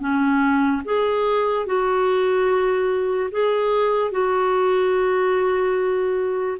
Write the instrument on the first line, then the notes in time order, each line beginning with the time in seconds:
clarinet
0.00 C#4
0.85 G#4
1.66 F#4
3.31 G#4
4.11 F#4